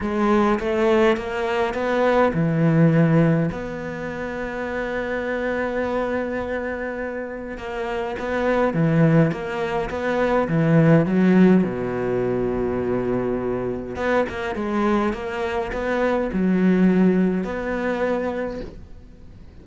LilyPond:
\new Staff \with { instrumentName = "cello" } { \time 4/4 \tempo 4 = 103 gis4 a4 ais4 b4 | e2 b2~ | b1~ | b4 ais4 b4 e4 |
ais4 b4 e4 fis4 | b,1 | b8 ais8 gis4 ais4 b4 | fis2 b2 | }